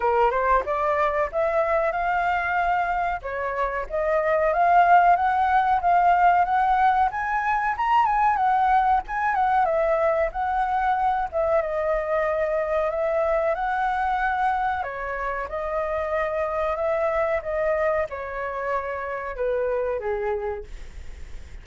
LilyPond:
\new Staff \with { instrumentName = "flute" } { \time 4/4 \tempo 4 = 93 ais'8 c''8 d''4 e''4 f''4~ | f''4 cis''4 dis''4 f''4 | fis''4 f''4 fis''4 gis''4 | ais''8 gis''8 fis''4 gis''8 fis''8 e''4 |
fis''4. e''8 dis''2 | e''4 fis''2 cis''4 | dis''2 e''4 dis''4 | cis''2 b'4 gis'4 | }